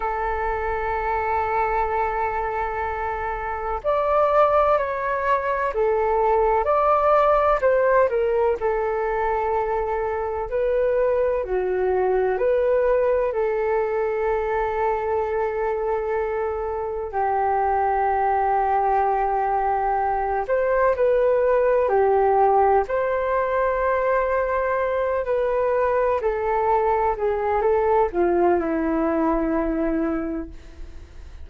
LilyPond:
\new Staff \with { instrumentName = "flute" } { \time 4/4 \tempo 4 = 63 a'1 | d''4 cis''4 a'4 d''4 | c''8 ais'8 a'2 b'4 | fis'4 b'4 a'2~ |
a'2 g'2~ | g'4. c''8 b'4 g'4 | c''2~ c''8 b'4 a'8~ | a'8 gis'8 a'8 f'8 e'2 | }